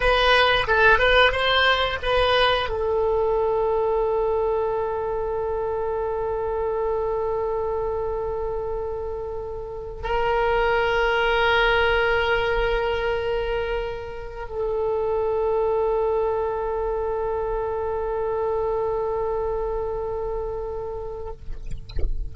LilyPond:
\new Staff \with { instrumentName = "oboe" } { \time 4/4 \tempo 4 = 90 b'4 a'8 b'8 c''4 b'4 | a'1~ | a'1~ | a'2. ais'4~ |
ais'1~ | ais'4.~ ais'16 a'2~ a'16~ | a'1~ | a'1 | }